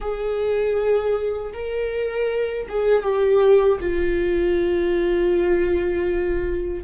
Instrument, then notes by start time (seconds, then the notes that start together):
viola
0.00 G#4
1.53 A#4
2.69 G#4
3.02 G4
3.80 F4